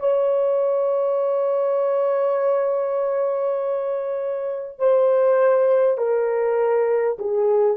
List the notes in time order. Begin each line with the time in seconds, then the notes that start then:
0.00 C#5
4.79 C5
5.98 A#4
7.19 G#4